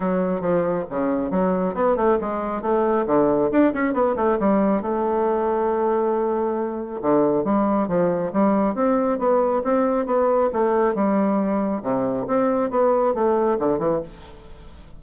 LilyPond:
\new Staff \with { instrumentName = "bassoon" } { \time 4/4 \tempo 4 = 137 fis4 f4 cis4 fis4 | b8 a8 gis4 a4 d4 | d'8 cis'8 b8 a8 g4 a4~ | a1 |
d4 g4 f4 g4 | c'4 b4 c'4 b4 | a4 g2 c4 | c'4 b4 a4 d8 e8 | }